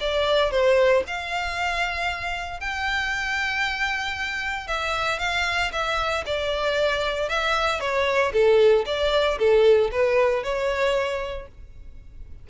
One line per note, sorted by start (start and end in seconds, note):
0.00 0.51 D5
0.51 1.03 C5
1.07 2.60 F5
2.60 4.67 G5
4.67 5.19 E5
5.19 5.71 F5
5.72 6.24 E5
6.26 7.29 D5
7.29 7.80 E5
7.80 8.32 C#5
8.33 8.85 A4
8.86 9.38 D5
9.38 9.91 A4
9.91 10.43 B4
10.43 11.48 C#5